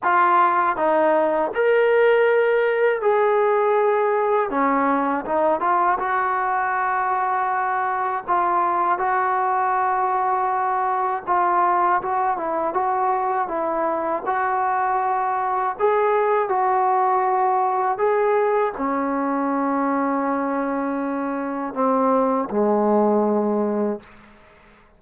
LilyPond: \new Staff \with { instrumentName = "trombone" } { \time 4/4 \tempo 4 = 80 f'4 dis'4 ais'2 | gis'2 cis'4 dis'8 f'8 | fis'2. f'4 | fis'2. f'4 |
fis'8 e'8 fis'4 e'4 fis'4~ | fis'4 gis'4 fis'2 | gis'4 cis'2.~ | cis'4 c'4 gis2 | }